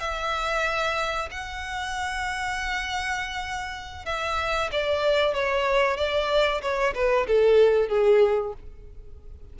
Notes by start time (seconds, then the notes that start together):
0.00 E5
1.31 F#5
4.06 E5
4.72 D5
5.34 C#5
5.97 D5
6.62 C#5
6.95 B4
7.27 A4
7.89 G#4